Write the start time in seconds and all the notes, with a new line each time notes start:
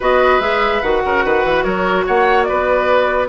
0.00 B3 F#4 B4 D#5
0.39 G#3 G#4 E5
0.82 D#3 F#4 F#5
1.05 C#3 A#4
1.24 D#3 B4
1.44 E3
1.63 F#3 A#4 C#5
2.06 A#3 C#5 F#5
2.43 B4 D5
2.51 B3